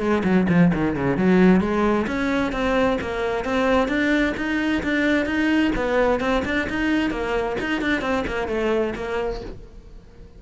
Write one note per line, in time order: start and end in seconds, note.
0.00 0.23 G#3
0.24 0.47 F#3
0.49 0.72 F3
0.74 0.96 D#3
0.96 1.17 C#3
1.17 1.61 F#3
1.61 2.06 G#3
2.07 2.52 C#4
2.52 2.98 C4
3.01 3.45 A#3
3.45 3.88 C4
3.88 4.34 D4
4.37 4.83 D#4
4.83 5.26 D4
5.26 5.72 D#4
5.76 6.20 B3
6.20 6.43 C4
6.45 6.68 D4
6.70 7.11 D#4
7.11 7.56 A#3
7.61 7.82 D#4
7.82 8.02 D4
8.02 8.24 C4
8.27 8.48 A#3
8.48 8.94 A3
8.95 9.41 A#3